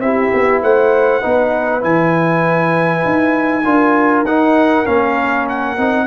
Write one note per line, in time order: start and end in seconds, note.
0.00 0.30 C4
0.00 1.22 E4
0.00 0.63 G4
0.00 0.62 E5
0.34 0.63 B3
0.63 1.23 A3
0.63 1.21 C5
0.63 1.84 F#5
1.21 1.84 B3
1.21 1.82 D#4
1.21 3.64 B4
1.82 3.05 E3
1.82 3.64 E4
1.82 4.26 G#5
3.06 3.66 D#4
3.65 4.24 D4
3.65 4.26 F4
3.65 6.07 A#4
4.24 4.84 D#4
4.24 4.86 D#4
4.24 4.87 F#5
4.86 5.78 A#3
4.86 5.77 C#4
4.86 5.47 F5
5.49 6.07 F#5
5.78 6.07 C4
5.78 6.07 D#4